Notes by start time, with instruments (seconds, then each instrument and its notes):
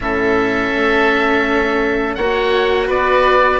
0.00 bassoon A2, cello C#4, oboe A4 E5
0.75 bassoon A3
2.14 bassoon A#3, cello F#4, oboe C#5 F#5
2.87 bassoon B3, oboe B4 D5